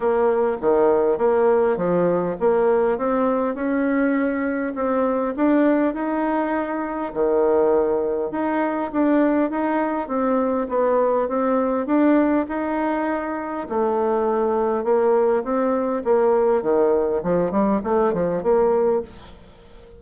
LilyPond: \new Staff \with { instrumentName = "bassoon" } { \time 4/4 \tempo 4 = 101 ais4 dis4 ais4 f4 | ais4 c'4 cis'2 | c'4 d'4 dis'2 | dis2 dis'4 d'4 |
dis'4 c'4 b4 c'4 | d'4 dis'2 a4~ | a4 ais4 c'4 ais4 | dis4 f8 g8 a8 f8 ais4 | }